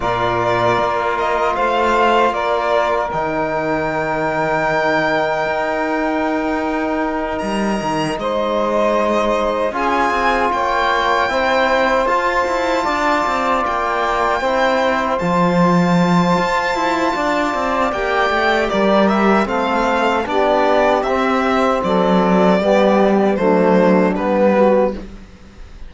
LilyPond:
<<
  \new Staff \with { instrumentName = "violin" } { \time 4/4 \tempo 4 = 77 d''4. dis''8 f''4 d''4 | g''1~ | g''4. ais''4 dis''4.~ | dis''8 gis''4 g''2 a''8~ |
a''4. g''2 a''8~ | a''2. g''4 | d''8 e''8 f''4 d''4 e''4 | d''2 c''4 b'4 | }
  \new Staff \with { instrumentName = "saxophone" } { \time 4/4 ais'2 c''4 ais'4~ | ais'1~ | ais'2~ ais'8 c''4.~ | c''8 gis'4 cis''4 c''4.~ |
c''8 d''2 c''4.~ | c''2 d''2 | ais'4 a'4 g'2 | a'4 g'4 d'4. fis'8 | }
  \new Staff \with { instrumentName = "trombone" } { \time 4/4 f'1 | dis'1~ | dis'1~ | dis'8 f'2 e'4 f'8~ |
f'2~ f'8 e'4 f'8~ | f'2. g'4~ | g'4 c'4 d'4 c'4~ | c'4 b4 a4 b4 | }
  \new Staff \with { instrumentName = "cello" } { \time 4/4 ais,4 ais4 a4 ais4 | dis2. dis'4~ | dis'4. g8 dis8 gis4.~ | gis8 cis'8 c'8 ais4 c'4 f'8 |
e'8 d'8 c'8 ais4 c'4 f8~ | f4 f'8 e'8 d'8 c'8 ais8 a8 | g4 a4 b4 c'4 | fis4 g4 fis4 g4 | }
>>